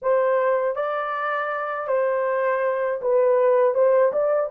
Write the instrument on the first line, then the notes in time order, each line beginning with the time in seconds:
horn
0.02 C5
0.75 D5
1.88 C5
3.01 B4
3.74 C5
4.12 D5